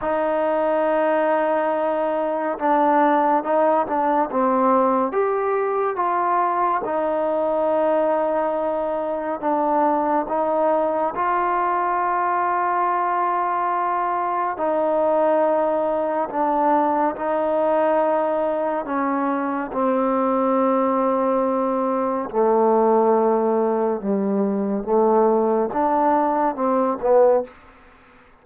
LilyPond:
\new Staff \with { instrumentName = "trombone" } { \time 4/4 \tempo 4 = 70 dis'2. d'4 | dis'8 d'8 c'4 g'4 f'4 | dis'2. d'4 | dis'4 f'2.~ |
f'4 dis'2 d'4 | dis'2 cis'4 c'4~ | c'2 a2 | g4 a4 d'4 c'8 b8 | }